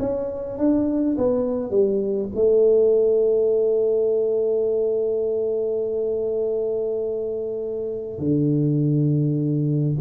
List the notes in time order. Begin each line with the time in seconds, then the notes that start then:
0.00 C#4
0.58 D4
1.18 B3
1.71 G3
2.36 A3
8.19 D3